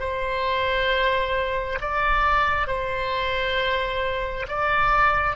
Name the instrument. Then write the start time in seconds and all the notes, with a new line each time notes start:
oboe
0.00 C5
1.81 D5
2.67 C5
4.49 D5